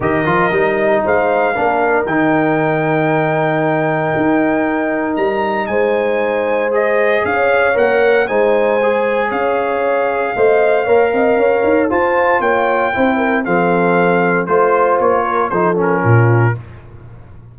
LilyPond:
<<
  \new Staff \with { instrumentName = "trumpet" } { \time 4/4 \tempo 4 = 116 dis''2 f''2 | g''1~ | g''2 ais''4 gis''4~ | gis''4 dis''4 f''4 fis''4 |
gis''2 f''2~ | f''2. a''4 | g''2 f''2 | c''4 cis''4 c''8 ais'4. | }
  \new Staff \with { instrumentName = "horn" } { \time 4/4 ais'2 c''4 ais'4~ | ais'1~ | ais'2. c''4~ | c''2 cis''2 |
c''2 cis''2 | dis''4 cis''8 dis''8 cis''4 c''4 | cis''4 c''8 ais'8 a'2 | c''4. ais'8 a'4 f'4 | }
  \new Staff \with { instrumentName = "trombone" } { \time 4/4 g'8 f'8 dis'2 d'4 | dis'1~ | dis'1~ | dis'4 gis'2 ais'4 |
dis'4 gis'2. | c''4 ais'2 f'4~ | f'4 e'4 c'2 | f'2 dis'8 cis'4. | }
  \new Staff \with { instrumentName = "tuba" } { \time 4/4 dis8 f8 g4 gis4 ais4 | dis1 | dis'2 g4 gis4~ | gis2 cis'4 ais4 |
gis2 cis'2 | a4 ais8 c'8 cis'8 dis'8 f'4 | ais4 c'4 f2 | a4 ais4 f4 ais,4 | }
>>